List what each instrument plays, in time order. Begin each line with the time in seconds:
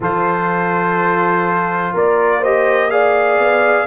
0.00 tuba F3, trombone F4, horn A4, trumpet C5
1.93 tuba A#3, horn A#4, trumpet D5
2.40 trombone G4, horn C5, trumpet D#5
2.90 trombone G#4, horn D5, trumpet F5
3.38 tuba B3